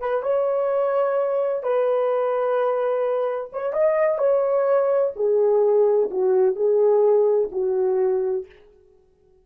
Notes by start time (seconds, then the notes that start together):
0.00 B4
0.23 C#5
1.63 B4
3.53 C#5
3.73 D#5
4.18 C#5
5.16 G#4
6.11 F#4
6.56 G#4
7.52 F#4